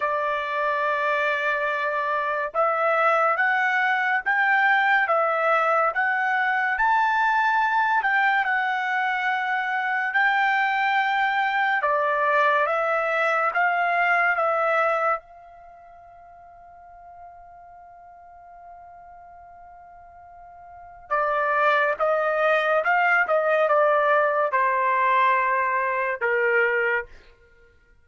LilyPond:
\new Staff \with { instrumentName = "trumpet" } { \time 4/4 \tempo 4 = 71 d''2. e''4 | fis''4 g''4 e''4 fis''4 | a''4. g''8 fis''2 | g''2 d''4 e''4 |
f''4 e''4 f''2~ | f''1~ | f''4 d''4 dis''4 f''8 dis''8 | d''4 c''2 ais'4 | }